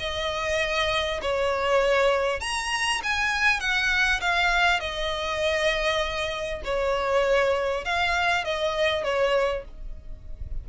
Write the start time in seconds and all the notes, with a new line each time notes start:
0.00 D#5
1.22 C#5
2.41 A#5
3.03 G#5
3.60 F#5
4.21 F5
4.80 D#5
6.64 C#5
7.85 F5
8.45 D#5
9.04 C#5